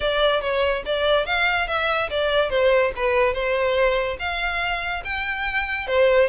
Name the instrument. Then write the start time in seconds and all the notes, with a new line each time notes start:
violin
0.00 D5
0.41 C#5
0.85 D5
1.25 F5
1.67 E5
2.10 D5
2.49 C5
2.95 B4
3.33 C5
4.19 F5
5.04 G5
5.87 C5